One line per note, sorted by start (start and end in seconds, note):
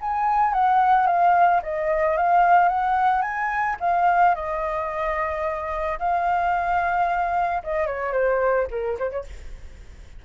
0.00 0.53 G#5
0.53 1.06 F#5
1.06 1.61 F5
1.62 2.17 D#5
2.17 2.68 F5
2.68 3.22 F#5
3.22 3.76 G#5
3.80 4.35 F5
4.35 5.99 D#5
5.99 7.62 F5
7.63 7.86 D#5
7.86 8.12 C#5
8.12 8.67 C5
8.70 8.98 A#4
8.99 9.10 C5
9.10 9.24 C#5